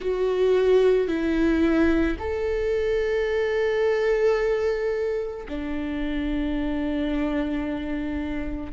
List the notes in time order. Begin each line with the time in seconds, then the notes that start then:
0.00 F#4
1.07 E4
2.19 A4
5.48 D4